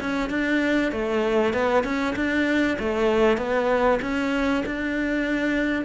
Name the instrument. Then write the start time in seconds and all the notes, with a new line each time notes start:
cello
0.00 C#4
0.30 D4
0.92 A3
1.54 B3
1.84 C#4
2.16 D4
2.79 A3
3.37 B3
4.02 C#4
4.66 D4